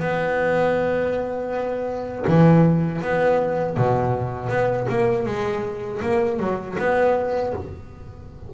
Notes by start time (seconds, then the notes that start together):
0.00 B3
2.27 E3
3.02 B3
3.77 B2
4.49 B3
4.89 A#3
5.26 G#3
6.02 A#3
6.39 F#3
6.78 B3